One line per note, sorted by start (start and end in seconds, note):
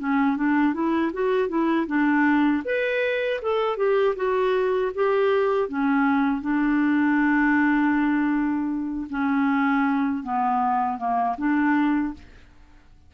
0.00 0.37 C#4
0.37 0.74 D4
0.74 1.12 E4
1.14 1.49 F#4
1.49 1.87 E4
1.87 2.63 D4
2.65 3.41 B4
3.42 3.77 A4
3.77 4.15 G4
4.16 4.92 F#4
4.95 5.69 G4
5.69 6.42 C#4
6.42 9.08 D4
9.10 10.24 C#4
10.24 10.98 B3
10.98 11.36 A#3
11.38 12.14 D4